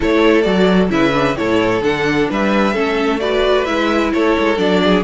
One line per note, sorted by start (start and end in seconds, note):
0.00 0.45 A3
0.00 0.43 E4
0.00 0.91 A4
0.00 0.41 C#5
0.41 0.90 F#3
0.41 0.89 F#4
0.41 0.87 D5
0.89 1.35 C#3
0.89 1.12 E4
0.89 1.37 B4
0.89 1.36 E5
1.12 1.35 D4
1.36 1.81 A2
1.36 1.81 E4
1.36 2.30 A4
1.36 1.82 C#5
1.81 2.27 D3
1.81 2.73 D4
1.81 2.29 F#5
2.30 2.75 G3
2.30 2.73 B4
2.30 3.20 E5
2.73 3.67 A3
2.73 3.19 C#4
2.73 3.19 A4
3.20 3.65 F#4
3.20 4.13 B4
3.20 3.64 D5
3.64 4.12 G#3
3.64 4.56 E4
3.64 4.10 E5
4.13 4.37 A3
4.13 4.82 A4
4.13 4.57 C#5
4.38 4.57 G#3
4.56 5.03 F#3
4.56 5.02 D4
4.56 5.03 D5
4.83 5.03 G#4